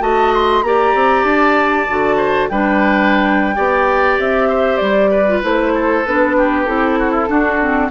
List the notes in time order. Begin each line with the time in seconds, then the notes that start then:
0.00 A3 F#4 D#5 A5
0.34 C6
0.62 A#3 G4 D5 A#5
0.94 C4
1.23 D4 A5
1.88 D3 F#4
2.17 C5
2.48 G3 D4 B4 G5
3.55 B3 G4 D5
4.19 C4 E5
4.49 C5
4.77 G3 D5
5.11 B4
5.27 F4
5.42 A3 E4 C5
5.74 A4
6.05 B3 D4 B4
6.37 G4
6.66 C4 E4 A4
6.99 F#4
7.12 E4
7.28 D4 F#4
7.60 C4